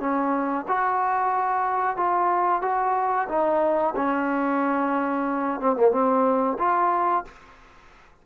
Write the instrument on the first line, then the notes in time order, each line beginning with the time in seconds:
trombone
0.00 C#4
0.68 F#4
1.97 F4
2.62 F#4
3.29 D#4
3.96 C#4
5.60 C4
5.76 A#3
5.92 C4
6.59 F4